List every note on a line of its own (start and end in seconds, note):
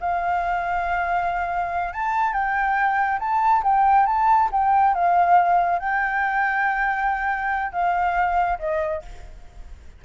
0.00 1.93 F5
1.93 2.33 A5
2.33 3.19 G5
3.19 3.62 A5
3.63 4.06 G5
4.06 4.49 A5
4.51 4.94 G5
4.94 5.79 F5
5.79 7.72 G5
7.72 8.58 F5
8.59 9.02 D#5